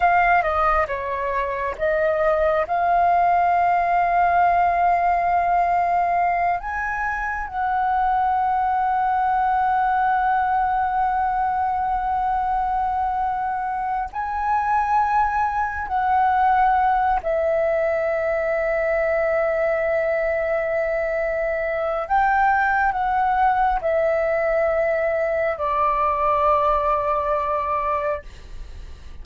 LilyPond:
\new Staff \with { instrumentName = "flute" } { \time 4/4 \tempo 4 = 68 f''8 dis''8 cis''4 dis''4 f''4~ | f''2.~ f''8 gis''8~ | gis''8 fis''2.~ fis''8~ | fis''1 |
gis''2 fis''4. e''8~ | e''1~ | e''4 g''4 fis''4 e''4~ | e''4 d''2. | }